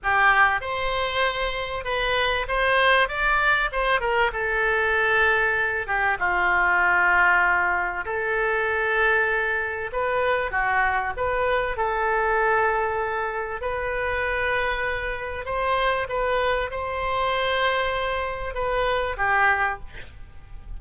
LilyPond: \new Staff \with { instrumentName = "oboe" } { \time 4/4 \tempo 4 = 97 g'4 c''2 b'4 | c''4 d''4 c''8 ais'8 a'4~ | a'4. g'8 f'2~ | f'4 a'2. |
b'4 fis'4 b'4 a'4~ | a'2 b'2~ | b'4 c''4 b'4 c''4~ | c''2 b'4 g'4 | }